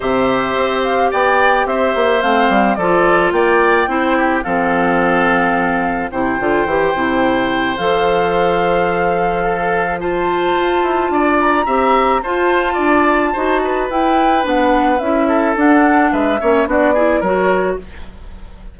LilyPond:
<<
  \new Staff \with { instrumentName = "flute" } { \time 4/4 \tempo 4 = 108 e''4. f''8 g''4 e''4 | f''4 d''4 g''2 | f''2. g''4~ | g''2 f''2~ |
f''2 a''2~ | a''8 ais''4. a''2~ | a''4 g''4 fis''4 e''4 | fis''4 e''4 d''4 cis''4 | }
  \new Staff \with { instrumentName = "oboe" } { \time 4/4 c''2 d''4 c''4~ | c''4 a'4 d''4 c''8 g'8 | a'2. c''4~ | c''1~ |
c''4 a'4 c''2 | d''4 e''4 c''4 d''4 | c''8 b'2. a'8~ | a'4 b'8 cis''8 fis'8 gis'8 ais'4 | }
  \new Staff \with { instrumentName = "clarinet" } { \time 4/4 g'1 | c'4 f'2 e'4 | c'2. e'8 f'8 | g'8 e'4. a'2~ |
a'2 f'2~ | f'4 g'4 f'2 | fis'4 e'4 d'4 e'4 | d'4. cis'8 d'8 e'8 fis'4 | }
  \new Staff \with { instrumentName = "bassoon" } { \time 4/4 c4 c'4 b4 c'8 ais8 | a8 g8 f4 ais4 c'4 | f2. c8 d8 | e8 c4. f2~ |
f2. f'8 e'8 | d'4 c'4 f'4 d'4 | dis'4 e'4 b4 cis'4 | d'4 gis8 ais8 b4 fis4 | }
>>